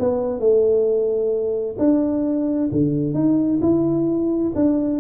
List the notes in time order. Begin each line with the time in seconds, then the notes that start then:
0.00 B3
0.40 A3
1.79 D4
2.72 D3
3.14 D#4
3.62 E4
4.56 D4